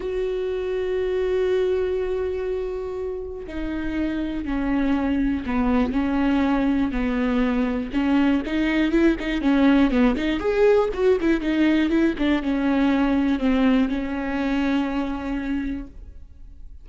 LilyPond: \new Staff \with { instrumentName = "viola" } { \time 4/4 \tempo 4 = 121 fis'1~ | fis'2. dis'4~ | dis'4 cis'2 b4 | cis'2 b2 |
cis'4 dis'4 e'8 dis'8 cis'4 | b8 dis'8 gis'4 fis'8 e'8 dis'4 | e'8 d'8 cis'2 c'4 | cis'1 | }